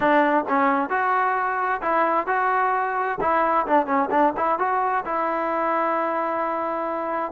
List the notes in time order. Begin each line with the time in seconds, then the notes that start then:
0.00 D4
0.48 C#4
0.89 F#4
1.81 E4
2.26 F#4
3.20 E4
3.66 D4
3.86 C#4
4.11 D4
4.36 E4
4.58 F#4
5.05 E4